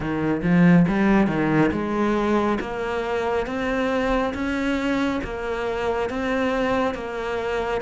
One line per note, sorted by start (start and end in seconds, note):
0.00 0.41 D#3
0.42 0.85 F3
0.87 1.27 G3
1.27 1.70 D#3
1.72 2.58 G#3
2.60 3.46 A#3
3.46 4.33 C4
4.34 5.21 C#4
5.24 6.09 A#3
6.09 6.94 C4
6.94 7.81 A#3